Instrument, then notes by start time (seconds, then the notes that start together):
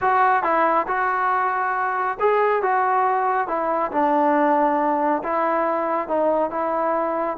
trombone
0.01 F#4
0.43 E4
0.87 F#4
2.20 G#4
2.62 F#4
3.47 E4
3.91 D4
5.23 E4
6.08 D#4
6.50 E4